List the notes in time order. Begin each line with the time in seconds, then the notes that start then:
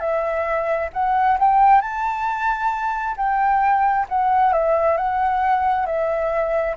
0.00 E5
0.93 F#5
1.39 G5
1.82 A5
3.17 G5
4.09 F#5
4.53 E5
4.97 F#5
5.86 E5